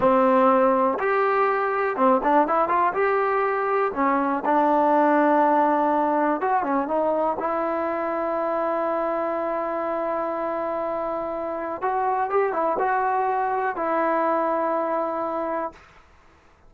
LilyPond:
\new Staff \with { instrumentName = "trombone" } { \time 4/4 \tempo 4 = 122 c'2 g'2 | c'8 d'8 e'8 f'8 g'2 | cis'4 d'2.~ | d'4 fis'8 cis'8 dis'4 e'4~ |
e'1~ | e'1 | fis'4 g'8 e'8 fis'2 | e'1 | }